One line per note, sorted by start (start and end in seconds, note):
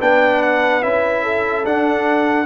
0.00 0.84 B3
0.00 0.83 D4
0.00 1.23 B4
0.00 0.42 G5
0.42 0.83 F#5
0.83 1.66 C#4
0.83 1.65 E4
0.83 1.65 E5
1.23 2.46 A4
1.65 2.46 D4
1.65 2.46 F#5